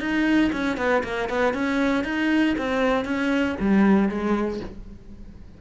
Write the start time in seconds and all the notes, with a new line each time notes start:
0.00 D#4
0.53 C#4
0.77 B3
1.03 A#3
1.29 B3
1.54 C#4
2.04 D#4
2.58 C4
3.05 C#4
3.60 G3
4.09 G#3